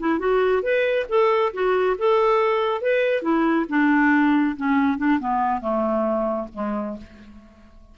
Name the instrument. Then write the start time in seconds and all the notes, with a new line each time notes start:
clarinet
0.00 E4
0.19 F#4
0.63 B4
1.09 A4
1.53 F#4
1.98 A4
2.81 B4
3.22 E4
3.69 D4
4.57 C#4
4.98 D4
5.20 B3
5.61 A3
6.54 G#3